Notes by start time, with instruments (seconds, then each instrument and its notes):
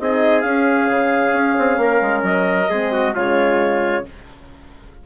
0.00 bassoon C4, horn D#4, trumpet G#4, clarinet D#5
0.41 horn C#4, bassoon C#4, clarinet F5
0.89 bassoon C#3
1.34 bassoon C#4
1.59 bassoon C4
1.78 bassoon A#3, trumpet A#4
2.02 bassoon G#3
2.23 bassoon F#3, clarinet D#5
2.70 bassoon G#3, horn C4, trumpet G#4
2.93 trumpet F#4
3.15 bassoon C#3, horn G#3, trumpet F4, clarinet C#5